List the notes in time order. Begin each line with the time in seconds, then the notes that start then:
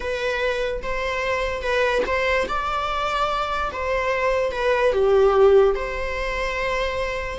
0.00 B4
0.82 C5
1.62 B4
2.06 C5
2.47 D5
3.72 C5
4.51 B4
4.92 G4
5.75 C5